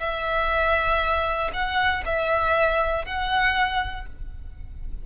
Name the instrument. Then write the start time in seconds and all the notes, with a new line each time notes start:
violin
0.00 E5
1.54 F#5
2.06 E5
3.06 F#5